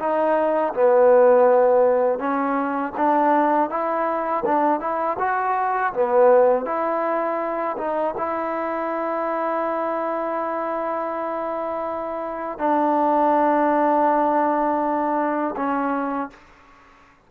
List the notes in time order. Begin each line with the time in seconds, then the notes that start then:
0.00 D#4
0.74 B3
2.20 C#4
2.97 D4
3.70 E4
4.46 D4
4.80 E4
5.20 F#4
5.94 B3
6.66 E4
7.78 D#4
8.18 E4
12.59 D4
15.57 C#4